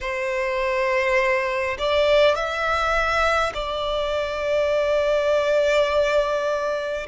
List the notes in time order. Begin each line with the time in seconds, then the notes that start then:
0.00 C5
1.78 D5
2.35 E5
3.53 D5